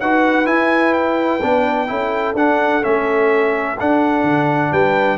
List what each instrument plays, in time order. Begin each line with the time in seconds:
0.00 tuba D#4, trombone F#4, horn B4, trumpet F#5
0.45 trombone E4, tuba E4, trumpet G#5
0.93 trumpet G5
1.42 tuba B3, trombone D4
1.87 tuba C#4, trombone E4, horn A4
2.34 tuba D4, trombone D4, trumpet F#5
2.82 tuba A3, trombone C#4, trumpet E5
3.79 trombone D4, tuba D4, trumpet F#5
4.23 tuba D3
4.71 tuba G3, horn B4, trumpet G5